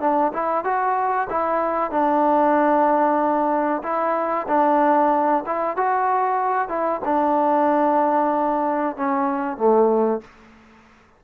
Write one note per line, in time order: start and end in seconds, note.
0.00 0.32 D4
0.32 0.64 E4
0.64 1.28 F#4
1.30 1.90 E4
1.90 3.82 D4
3.82 4.46 E4
4.47 5.43 D4
5.46 5.76 E4
5.76 6.68 F#4
6.68 7.00 E4
7.04 8.96 D4
8.96 9.57 C#4
9.57 10.21 A3